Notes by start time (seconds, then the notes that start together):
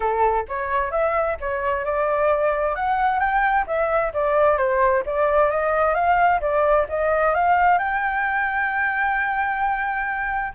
0.00 A4
0.48 C#5
0.91 E5
1.40 C#5
1.84 D5
2.75 F#5
3.19 G5
3.66 E5
4.13 D5
4.57 C5
5.05 D5
5.50 D#5
5.94 F5
6.40 D5
6.88 D#5
7.34 F5
7.78 G5